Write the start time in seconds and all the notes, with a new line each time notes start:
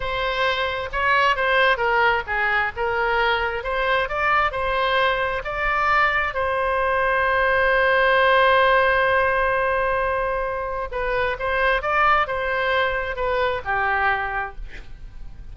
0.00 C5
0.92 C#5
1.36 C5
1.77 A#4
2.26 G#4
2.76 A#4
3.63 C5
4.08 D5
4.51 C5
5.44 D5
6.33 C5
10.91 B4
11.39 C5
11.82 D5
12.27 C5
13.16 B4
13.64 G4